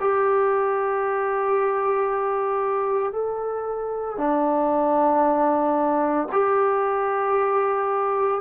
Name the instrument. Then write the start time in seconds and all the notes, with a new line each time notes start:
trombone
0.00 G4
3.12 A4
4.17 D4
6.32 G4